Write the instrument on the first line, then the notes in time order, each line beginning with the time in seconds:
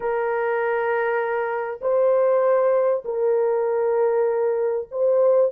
horn
0.00 A#4
1.81 C5
3.04 A#4
4.91 C5